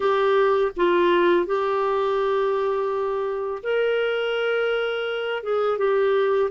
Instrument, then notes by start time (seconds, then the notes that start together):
clarinet
0.00 G4
0.76 F4
1.46 G4
3.63 A#4
5.42 G#4
5.78 G4